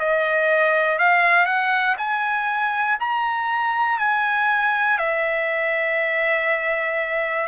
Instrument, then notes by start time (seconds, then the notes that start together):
trumpet
0.00 D#5
0.99 F5
1.46 F#5
1.98 G#5
3.00 A#5
3.99 G#5
4.98 E5